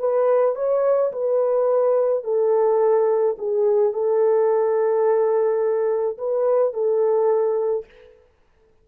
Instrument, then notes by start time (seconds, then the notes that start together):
horn
0.00 B4
0.56 C#5
1.13 B4
2.25 A4
3.39 G#4
3.94 A4
6.18 B4
6.74 A4